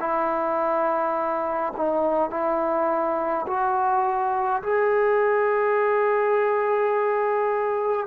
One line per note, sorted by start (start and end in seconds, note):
0.00 1.73 E4
1.77 2.31 D#4
2.31 3.46 E4
3.47 4.63 F#4
4.63 8.07 G#4